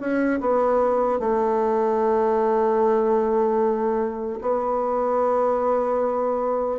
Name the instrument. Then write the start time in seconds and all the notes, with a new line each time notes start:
bassoon
0.00 C#4
0.40 B3
1.20 A3
4.41 B3